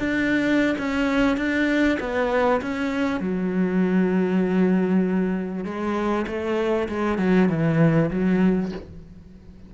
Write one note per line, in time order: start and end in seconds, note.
0.00 0.77 D4
0.78 1.37 C#4
1.37 1.99 D4
2.00 2.61 B3
2.62 3.20 C#4
3.20 5.65 F#3
5.65 6.26 G#3
6.27 6.88 A3
6.89 7.19 G#3
7.19 7.49 F#3
7.49 8.11 E3
8.11 8.72 F#3